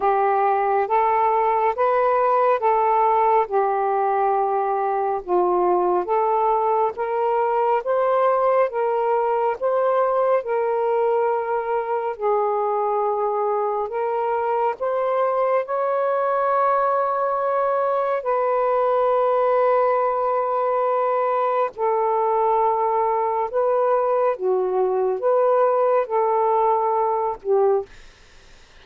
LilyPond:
\new Staff \with { instrumentName = "saxophone" } { \time 4/4 \tempo 4 = 69 g'4 a'4 b'4 a'4 | g'2 f'4 a'4 | ais'4 c''4 ais'4 c''4 | ais'2 gis'2 |
ais'4 c''4 cis''2~ | cis''4 b'2.~ | b'4 a'2 b'4 | fis'4 b'4 a'4. g'8 | }